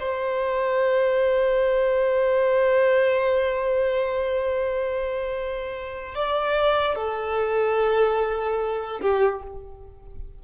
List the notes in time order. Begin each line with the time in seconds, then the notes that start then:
0.00 C5
6.15 D5
6.96 A4
9.02 G4